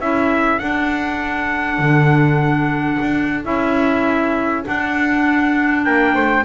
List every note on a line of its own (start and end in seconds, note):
0.00 0.60 C#4
0.00 0.60 E4
0.00 5.85 A4
0.00 0.59 E5
0.59 3.44 D4
0.59 1.78 D4
0.59 3.44 F#5
1.78 2.98 D3
3.02 3.45 D4
3.44 4.65 C#4
3.44 4.64 E4
3.44 4.65 E5
4.64 6.44 D4
4.64 5.87 D4
4.64 5.84 F#5
5.84 6.15 A#3
5.84 6.14 A#4
5.84 6.45 G5
6.14 6.45 A3
6.14 6.44 C5